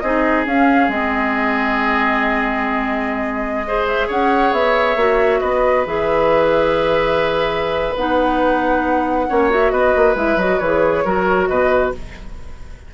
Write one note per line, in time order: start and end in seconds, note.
0.00 0.46 C4
0.00 0.46 D#4
0.00 3.67 G#4
0.00 0.44 D#5
0.46 0.88 C#4
0.46 0.90 C#4
0.46 0.90 F5
0.88 4.08 G#3
0.88 3.66 C4
0.88 3.87 D#5
3.66 4.98 G#4
3.66 4.08 C5
3.87 4.09 E5
4.08 4.52 C#4
4.08 5.40 C#5
4.08 4.53 F#5
4.52 4.96 B3
4.52 5.40 E5
4.96 5.40 A#3
4.96 5.86 F#4
5.40 5.86 B3
5.40 9.26 B4
5.40 5.84 D#5
5.86 7.95 E3
5.86 7.96 G#4
5.86 7.96 E5
7.96 9.28 B3
7.96 9.29 D#4
7.96 9.51 F#5
9.29 9.72 A#3
9.29 9.50 C#4
9.29 9.72 C#5
9.50 10.16 F#4
9.50 9.71 E5
9.71 9.94 B3
9.71 11.05 B4
9.71 10.15 D#5
9.96 10.15 A#3
10.15 10.36 G#3
10.15 10.38 E4
10.15 10.39 E5
10.36 10.58 F#3
10.36 10.61 F#4
10.36 10.59 D#5
10.59 11.05 E3
10.59 11.05 G#4
10.59 11.47 C#5
11.05 11.49 F#3
11.05 11.93 F#4
11.05 11.49 A#4
11.48 11.93 B2
11.48 11.94 B4
11.48 11.92 D#5